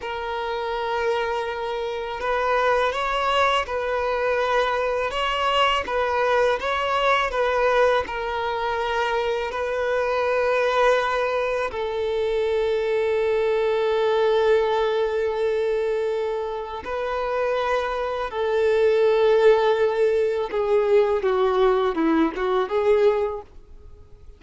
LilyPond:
\new Staff \with { instrumentName = "violin" } { \time 4/4 \tempo 4 = 82 ais'2. b'4 | cis''4 b'2 cis''4 | b'4 cis''4 b'4 ais'4~ | ais'4 b'2. |
a'1~ | a'2. b'4~ | b'4 a'2. | gis'4 fis'4 e'8 fis'8 gis'4 | }